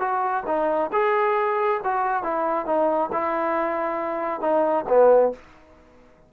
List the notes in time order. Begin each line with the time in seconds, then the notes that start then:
0.00 F#4
0.47 D#4
0.93 G#4
1.85 F#4
2.24 E4
2.67 D#4
3.13 E4
4.41 D#4
4.89 B3